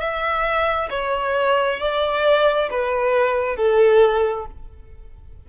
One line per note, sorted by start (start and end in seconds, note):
0.00 0.90 E5
0.90 1.80 C#5
1.80 2.69 D5
2.71 3.56 B4
3.56 4.46 A4